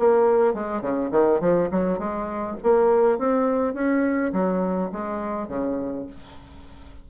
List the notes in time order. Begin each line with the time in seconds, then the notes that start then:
0.00 A#3
0.55 G#3
0.82 C#3
1.12 D#3
1.41 F3
1.72 F#3
1.99 G#3
2.64 A#3
3.19 C4
3.75 C#4
4.33 F#3
4.92 G#3
5.49 C#3